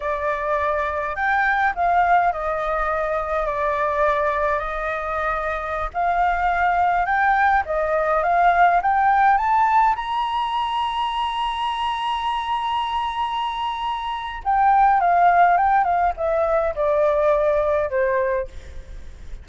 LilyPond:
\new Staff \with { instrumentName = "flute" } { \time 4/4 \tempo 4 = 104 d''2 g''4 f''4 | dis''2 d''2 | dis''2~ dis''16 f''4.~ f''16~ | f''16 g''4 dis''4 f''4 g''8.~ |
g''16 a''4 ais''2~ ais''8.~ | ais''1~ | ais''4 g''4 f''4 g''8 f''8 | e''4 d''2 c''4 | }